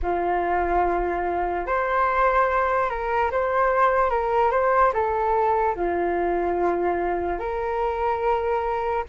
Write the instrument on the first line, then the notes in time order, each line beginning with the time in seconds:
flute
0.02 F4
1.66 C5
2.89 A#4
3.31 C5
4.09 A#4
4.51 C5
4.93 A4
5.75 F4
7.39 A#4